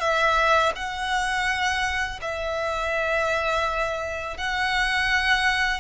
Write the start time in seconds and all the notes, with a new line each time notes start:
0.00 E5
0.75 F#5
2.21 E5
4.38 F#5